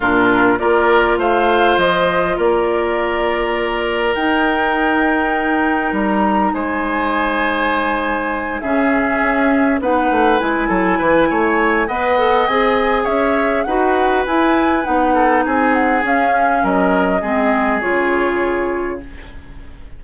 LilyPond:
<<
  \new Staff \with { instrumentName = "flute" } { \time 4/4 \tempo 4 = 101 ais'4 d''4 f''4 dis''4 | d''2. g''4~ | g''2 ais''4 gis''4~ | gis''2~ gis''8 e''4.~ |
e''8 fis''4 gis''2~ gis''8 | fis''4 gis''4 e''4 fis''4 | gis''4 fis''4 gis''8 fis''8 f''4 | dis''2 cis''2 | }
  \new Staff \with { instrumentName = "oboe" } { \time 4/4 f'4 ais'4 c''2 | ais'1~ | ais'2. c''4~ | c''2~ c''8 gis'4.~ |
gis'8 b'4. a'8 b'8 cis''4 | dis''2 cis''4 b'4~ | b'4. a'8 gis'2 | ais'4 gis'2. | }
  \new Staff \with { instrumentName = "clarinet" } { \time 4/4 d'4 f'2.~ | f'2. dis'4~ | dis'1~ | dis'2~ dis'8 cis'4.~ |
cis'8 dis'4 e'2~ e'8 | b'8 a'8 gis'2 fis'4 | e'4 dis'2 cis'4~ | cis'4 c'4 f'2 | }
  \new Staff \with { instrumentName = "bassoon" } { \time 4/4 ais,4 ais4 a4 f4 | ais2. dis'4~ | dis'2 g4 gis4~ | gis2~ gis8 cis4 cis'8~ |
cis'8 b8 a8 gis8 fis8 e8 a4 | b4 c'4 cis'4 dis'4 | e'4 b4 c'4 cis'4 | fis4 gis4 cis2 | }
>>